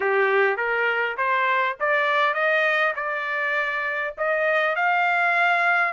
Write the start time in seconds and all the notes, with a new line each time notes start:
0.00 G4
0.56 A#4
1.17 C5
1.80 D5
2.34 D#5
2.95 D5
4.17 D#5
4.75 F5